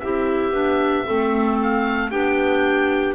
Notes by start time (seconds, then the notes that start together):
0.00 C4 E4 G4 E5
0.52 B3 D4
1.06 A3 C4 A4
1.63 F5
2.11 B3 D4 G4 G5